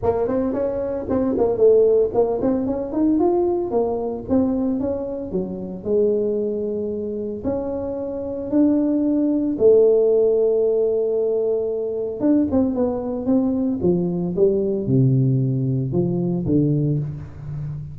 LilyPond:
\new Staff \with { instrumentName = "tuba" } { \time 4/4 \tempo 4 = 113 ais8 c'8 cis'4 c'8 ais8 a4 | ais8 c'8 cis'8 dis'8 f'4 ais4 | c'4 cis'4 fis4 gis4~ | gis2 cis'2 |
d'2 a2~ | a2. d'8 c'8 | b4 c'4 f4 g4 | c2 f4 d4 | }